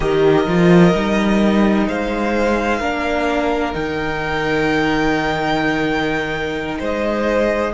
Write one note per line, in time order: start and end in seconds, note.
0.00 0.46 D#3
0.00 0.46 G4
0.00 1.87 A#4
0.00 1.87 D#5
0.46 0.93 F3
0.46 0.94 F4
0.94 1.88 G3
0.94 2.81 D#4
1.87 2.80 G#3
1.87 2.79 C5
1.87 3.73 F5
2.79 3.74 A#3
2.79 3.72 D4
2.79 6.78 A#4
3.72 6.79 D#3
3.72 7.71 D#4
3.72 6.78 G5
6.79 7.73 G#3
6.79 7.72 C5
6.79 7.73 D#5